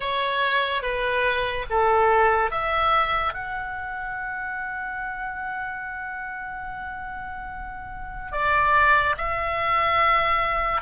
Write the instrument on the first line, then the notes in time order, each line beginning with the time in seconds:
oboe
0.00 C#5
0.82 B4
1.70 A4
2.50 E5
3.33 F#5
8.32 D5
9.17 E5